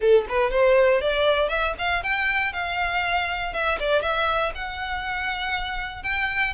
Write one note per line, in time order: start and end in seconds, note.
0.00 0.26 A4
0.28 0.50 B4
0.50 1.01 C5
1.01 1.49 D5
1.49 1.74 E5
1.78 2.03 F5
2.03 2.53 G5
2.53 3.53 F5
3.53 3.78 E5
3.79 4.02 D5
4.02 4.52 E5
4.54 6.03 F#5
6.03 6.53 G5